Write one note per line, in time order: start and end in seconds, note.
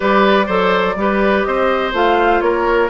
0.00 0.48 G3
0.00 0.45 G4
0.00 0.46 B4
0.00 1.43 D5
0.46 0.96 F#3
0.46 0.96 A4
0.46 0.94 C5
0.96 1.44 G3
0.96 1.92 G4
0.96 1.47 B4
1.43 1.93 C4
1.43 2.44 C5
1.43 1.92 D#5
1.92 2.41 A3
1.92 2.89 F4
1.92 2.40 F5
2.40 2.89 A#3
2.40 2.90 A#4
2.40 2.89 C#5